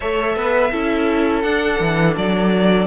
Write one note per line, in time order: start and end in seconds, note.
0.00 0.36 A3
0.00 0.72 A4
0.00 0.36 C#5
0.00 1.42 E5
0.36 0.72 B3
0.36 0.71 B4
0.71 1.44 C#4
0.71 1.43 E4
0.71 2.86 A4
1.42 2.86 D4
1.42 1.80 D4
1.42 2.14 F#5
1.80 2.16 E3
2.17 2.86 F#3
2.17 2.86 D5